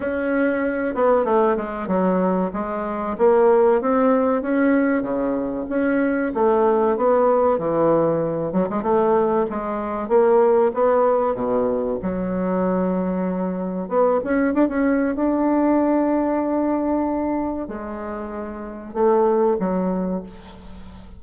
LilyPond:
\new Staff \with { instrumentName = "bassoon" } { \time 4/4 \tempo 4 = 95 cis'4. b8 a8 gis8 fis4 | gis4 ais4 c'4 cis'4 | cis4 cis'4 a4 b4 | e4. fis16 gis16 a4 gis4 |
ais4 b4 b,4 fis4~ | fis2 b8 cis'8 d'16 cis'8. | d'1 | gis2 a4 fis4 | }